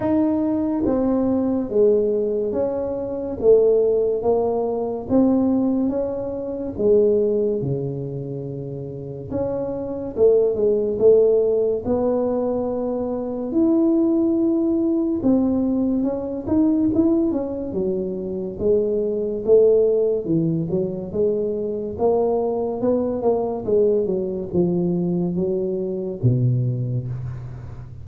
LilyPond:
\new Staff \with { instrumentName = "tuba" } { \time 4/4 \tempo 4 = 71 dis'4 c'4 gis4 cis'4 | a4 ais4 c'4 cis'4 | gis4 cis2 cis'4 | a8 gis8 a4 b2 |
e'2 c'4 cis'8 dis'8 | e'8 cis'8 fis4 gis4 a4 | e8 fis8 gis4 ais4 b8 ais8 | gis8 fis8 f4 fis4 b,4 | }